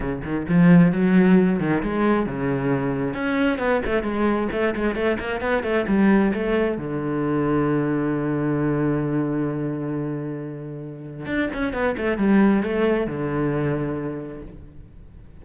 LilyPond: \new Staff \with { instrumentName = "cello" } { \time 4/4 \tempo 4 = 133 cis8 dis8 f4 fis4. dis8 | gis4 cis2 cis'4 | b8 a8 gis4 a8 gis8 a8 ais8 | b8 a8 g4 a4 d4~ |
d1~ | d1~ | d4 d'8 cis'8 b8 a8 g4 | a4 d2. | }